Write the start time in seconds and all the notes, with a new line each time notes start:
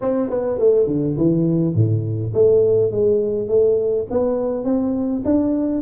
0.01 C4
0.29 B3
0.58 A3
0.87 D3
1.17 E3
1.74 A2
2.34 A3
2.91 G#3
3.48 A3
4.10 B3
4.64 C4
5.24 D4